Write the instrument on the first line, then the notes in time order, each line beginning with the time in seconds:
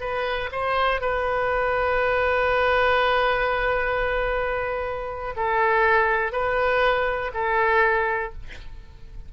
oboe
0.00 B4
0.51 C5
1.01 B4
5.36 A4
6.32 B4
7.33 A4